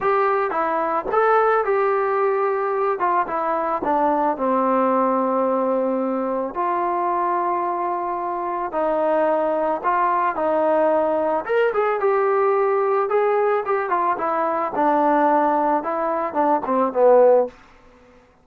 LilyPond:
\new Staff \with { instrumentName = "trombone" } { \time 4/4 \tempo 4 = 110 g'4 e'4 a'4 g'4~ | g'4. f'8 e'4 d'4 | c'1 | f'1 |
dis'2 f'4 dis'4~ | dis'4 ais'8 gis'8 g'2 | gis'4 g'8 f'8 e'4 d'4~ | d'4 e'4 d'8 c'8 b4 | }